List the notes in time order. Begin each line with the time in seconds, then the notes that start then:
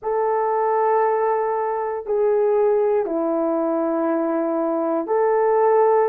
0.02 A4
2.06 G#4
3.06 E4
5.07 A4